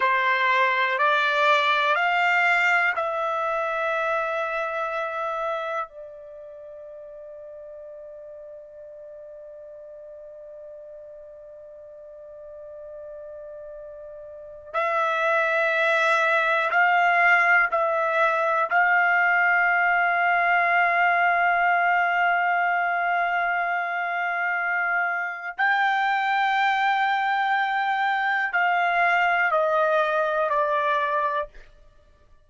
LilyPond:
\new Staff \with { instrumentName = "trumpet" } { \time 4/4 \tempo 4 = 61 c''4 d''4 f''4 e''4~ | e''2 d''2~ | d''1~ | d''2. e''4~ |
e''4 f''4 e''4 f''4~ | f''1~ | f''2 g''2~ | g''4 f''4 dis''4 d''4 | }